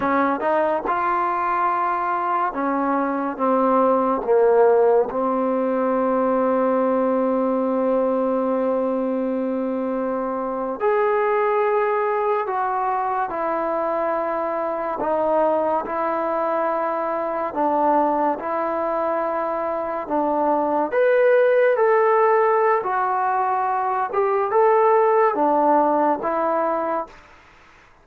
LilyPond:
\new Staff \with { instrumentName = "trombone" } { \time 4/4 \tempo 4 = 71 cis'8 dis'8 f'2 cis'4 | c'4 ais4 c'2~ | c'1~ | c'8. gis'2 fis'4 e'16~ |
e'4.~ e'16 dis'4 e'4~ e'16~ | e'8. d'4 e'2 d'16~ | d'8. b'4 a'4~ a'16 fis'4~ | fis'8 g'8 a'4 d'4 e'4 | }